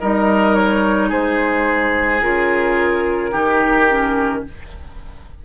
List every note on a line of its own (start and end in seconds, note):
0.00 1.12 G3
0.00 2.22 D#4
0.00 1.09 A#4
0.00 0.55 D#5
0.55 1.10 C#5
1.09 2.23 G#3
1.09 3.31 G#4
1.09 2.22 C5
2.22 3.34 C#3
2.22 3.32 F4
2.22 4.44 A#4
3.32 4.45 D#3
3.32 3.88 D#4
3.32 4.43 G4
3.90 4.45 C#4